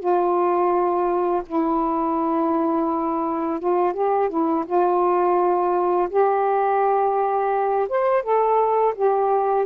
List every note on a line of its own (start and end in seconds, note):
0.00 1.43 F4
1.47 3.60 E4
3.60 3.94 F4
3.94 4.30 G4
4.30 4.65 E4
4.67 6.09 F4
6.10 7.89 G4
7.89 8.23 C5
8.23 8.94 A4
8.95 9.67 G4